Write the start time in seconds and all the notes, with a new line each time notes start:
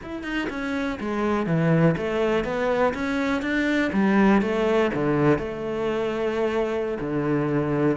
0.02 E4
0.23 D#4
0.49 C#4
0.99 G#3
1.46 E3
1.97 A3
2.44 B3
2.94 C#4
3.42 D4
3.93 G3
4.41 A3
4.94 D3
5.38 A3
7.00 D3